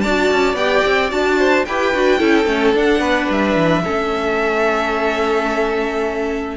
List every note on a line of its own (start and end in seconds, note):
0.00 0.31 D4
0.00 0.56 F#4
0.00 1.38 D5
0.00 0.55 A5
0.31 0.53 C#4
0.53 0.80 B3
0.53 1.09 G4
0.53 1.10 G5
0.85 1.11 C4
1.09 1.66 D4
1.09 1.64 F#4
1.09 1.65 A5
1.38 1.65 C5
1.65 1.94 E4
1.65 1.94 G4
1.65 2.19 B4
1.65 2.74 G5
1.94 2.20 D4
1.94 2.18 F#4
2.18 2.45 C#4
2.18 2.45 E4
2.18 3.00 A4
2.45 2.72 A3
2.45 2.74 C#4
2.74 2.99 D4
2.74 3.83 D4
2.74 3.31 F#5
2.99 3.26 B3
2.99 3.82 B4
3.29 3.55 G3
3.29 6.57 E5
3.55 3.82 E3
3.83 6.57 A3
3.83 6.57 C#4
3.83 6.55 A4